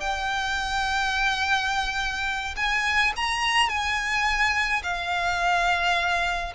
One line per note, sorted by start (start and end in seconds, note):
0.00 2.55 G5
2.56 3.13 G#5
3.16 3.69 A#5
3.69 4.82 G#5
4.83 6.53 F5